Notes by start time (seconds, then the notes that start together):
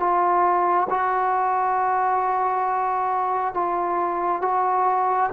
0.00 F4
0.90 F#4
3.55 F4
4.42 F#4